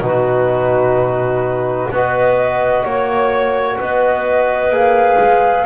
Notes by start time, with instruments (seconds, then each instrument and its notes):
0.00 double bass B2, trombone D#4, clarinet F#4, flute B4
1.90 double bass B3, trombone F#4, clarinet B4, flute D#5
2.84 double bass A#3, flute C#5, clarinet C#5
3.79 double bass B3, clarinet B4, flute D#5
4.69 double bass A#3, trombone G#4, flute F5
5.19 double bass G#3